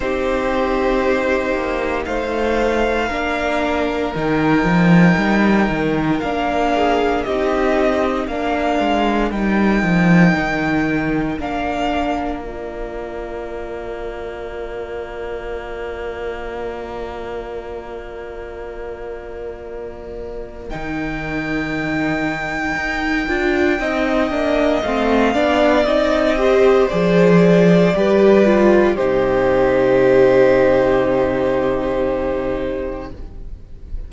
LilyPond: <<
  \new Staff \with { instrumentName = "violin" } { \time 4/4 \tempo 4 = 58 c''2 f''2 | g''2 f''4 dis''4 | f''4 g''2 f''4 | d''1~ |
d''1 | g''1 | f''4 dis''4 d''2 | c''1 | }
  \new Staff \with { instrumentName = "violin" } { \time 4/4 g'2 c''4 ais'4~ | ais'2~ ais'8 gis'8 g'4 | ais'1~ | ais'1~ |
ais'1~ | ais'2. dis''4~ | dis''8 d''4 c''4. b'4 | g'1 | }
  \new Staff \with { instrumentName = "viola" } { \time 4/4 dis'2. d'4 | dis'2 d'4 dis'4 | d'4 dis'2 d'4 | f'1~ |
f'1 | dis'2~ dis'8 f'8 dis'8 d'8 | c'8 d'8 dis'8 g'8 gis'4 g'8 f'8 | dis'1 | }
  \new Staff \with { instrumentName = "cello" } { \time 4/4 c'4. ais8 a4 ais4 | dis8 f8 g8 dis8 ais4 c'4 | ais8 gis8 g8 f8 dis4 ais4~ | ais1~ |
ais1 | dis2 dis'8 d'8 c'8 ais8 | a8 b8 c'4 f4 g4 | c1 | }
>>